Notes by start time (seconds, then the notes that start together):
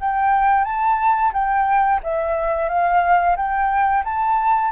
0.00 G5
0.64 A5
1.33 G5
2.03 E5
2.68 F5
3.36 G5
4.04 A5